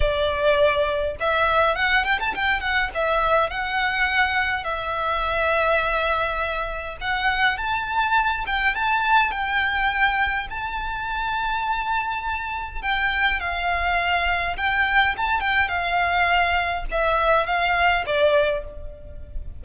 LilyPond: \new Staff \with { instrumentName = "violin" } { \time 4/4 \tempo 4 = 103 d''2 e''4 fis''8 g''16 a''16 | g''8 fis''8 e''4 fis''2 | e''1 | fis''4 a''4. g''8 a''4 |
g''2 a''2~ | a''2 g''4 f''4~ | f''4 g''4 a''8 g''8 f''4~ | f''4 e''4 f''4 d''4 | }